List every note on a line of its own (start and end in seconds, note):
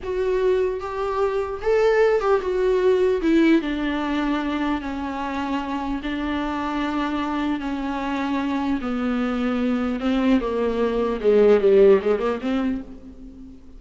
0.03 0.80 F#4
0.80 1.60 G4
1.62 2.20 A4
2.20 2.40 G4
2.41 3.21 F#4
3.21 3.61 E4
3.61 4.81 D4
4.81 6.01 C#4
6.03 7.60 D4
7.60 8.80 C#4
8.81 10.00 B3
10.00 10.40 C4
10.40 11.20 A#3
11.20 11.60 G#3
11.60 12.00 G3
12.01 12.19 G#3
12.19 12.39 A#3
12.41 12.81 C4